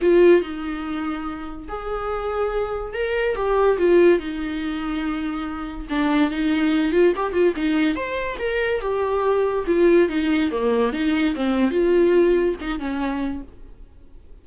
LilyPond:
\new Staff \with { instrumentName = "viola" } { \time 4/4 \tempo 4 = 143 f'4 dis'2. | gis'2. ais'4 | g'4 f'4 dis'2~ | dis'2 d'4 dis'4~ |
dis'8 f'8 g'8 f'8 dis'4 c''4 | ais'4 g'2 f'4 | dis'4 ais4 dis'4 c'4 | f'2 dis'8 cis'4. | }